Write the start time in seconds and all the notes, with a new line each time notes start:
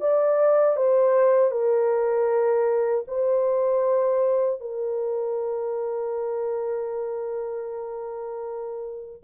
0.00 D5
0.76 C5
1.51 A#4
3.07 C5
4.60 A#4